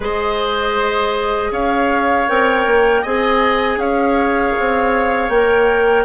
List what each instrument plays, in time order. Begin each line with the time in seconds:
0.00 bassoon G#3, clarinet G#4, oboe C5, flute D#5
1.51 bassoon C#4, oboe C#5, flute F5
2.28 bassoon C4, clarinet A#4, flute G5
2.65 bassoon A#3
3.01 bassoon C4, clarinet G#4, oboe D#5, flute G#5
3.76 bassoon C#4, oboe C#5, flute F5
4.59 bassoon C4
5.28 bassoon A#3, clarinet A#4, flute G5